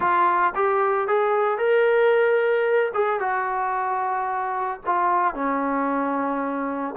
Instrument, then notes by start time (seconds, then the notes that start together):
trombone
0.00 F4
0.55 G4
1.07 G#4
1.58 A#4
2.93 G#4
3.19 F#4
4.86 F4
5.34 C#4